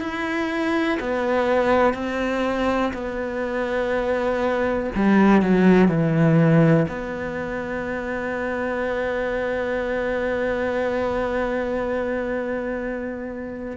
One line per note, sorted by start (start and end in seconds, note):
0.00 0.98 E4
1.00 1.94 B3
1.94 2.92 C4
2.93 4.90 B3
4.95 5.41 G3
5.41 5.88 F#3
5.88 6.86 E3
6.88 13.77 B3